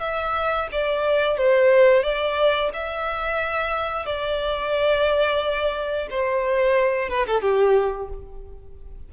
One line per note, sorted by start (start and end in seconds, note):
0.00 0.67 E5
0.72 1.37 D5
1.37 2.03 C5
2.03 2.70 D5
2.73 4.05 E5
4.05 6.08 D5
6.10 7.09 C5
7.09 7.26 B4
7.26 7.41 A4
7.41 8.09 G4